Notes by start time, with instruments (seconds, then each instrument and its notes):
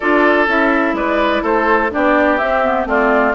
0.00 bassoon D4, clarinet F4, oboe A4, flute D5
0.47 bassoon C#4, clarinet E4, flute E5
0.93 bassoon G#3, oboe B4, flute D5
1.42 bassoon A3, oboe A4, flute C5
1.91 bassoon B3, clarinet D4, oboe G4, flute D5
2.38 clarinet C4, bassoon C4, flute E5
2.64 clarinet B3
2.85 bassoon A3, clarinet C4, oboe F4, flute D5